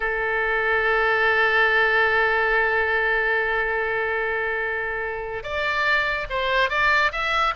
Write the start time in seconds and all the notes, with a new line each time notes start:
0.00 A4
5.43 D5
6.29 C5
6.69 D5
7.12 E5